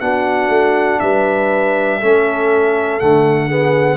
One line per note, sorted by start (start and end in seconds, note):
0.00 0.48 B3
0.00 2.00 D4
0.00 1.01 F#4
0.00 1.00 F#5
0.48 0.98 A3
1.00 2.01 G3
1.00 2.00 B4
1.00 2.99 E5
2.00 3.01 A3
2.00 3.00 C#4
2.00 3.47 A4
2.99 3.97 D3
2.99 3.50 A3
2.99 3.97 F#5
3.47 3.97 B3
3.47 3.97 G#4